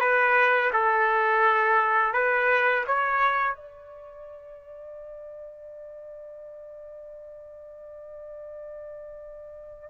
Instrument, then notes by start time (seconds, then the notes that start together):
trumpet
0.00 B4
0.73 A4
2.13 B4
2.86 C#5
3.55 D5